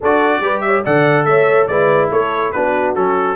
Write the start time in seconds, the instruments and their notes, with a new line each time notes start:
0.00 tuba D4, trombone F#4, horn A4, trumpet D5
0.39 tuba G3, trombone G4, horn B4
0.60 horn C#5, trumpet E5
0.84 tuba D3, trombone A4, horn D5, trumpet F#5
1.24 tuba A3, horn C#5, trumpet E5
1.67 tuba G#3, trombone E4, horn B4, trumpet D5
2.10 tuba A3, horn A4, trumpet C#5
2.51 tuba B3, trombone D4, horn F#4, trumpet B4
2.95 tuba F#3, trombone C#4, trumpet A4